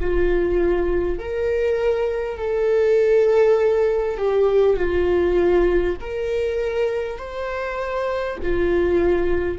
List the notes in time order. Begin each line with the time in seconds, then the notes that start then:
0.00 F4
1.18 A#4
2.38 A4
4.18 G4
4.76 F4
6.01 A#4
7.18 C5
8.42 F4